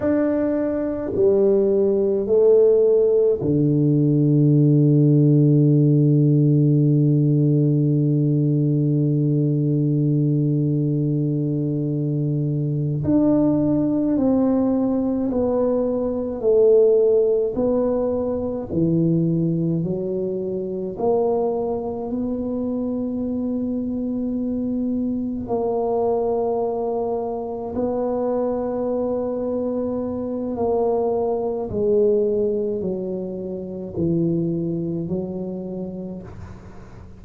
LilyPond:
\new Staff \with { instrumentName = "tuba" } { \time 4/4 \tempo 4 = 53 d'4 g4 a4 d4~ | d1~ | d2.~ d8 d'8~ | d'8 c'4 b4 a4 b8~ |
b8 e4 fis4 ais4 b8~ | b2~ b8 ais4.~ | ais8 b2~ b8 ais4 | gis4 fis4 e4 fis4 | }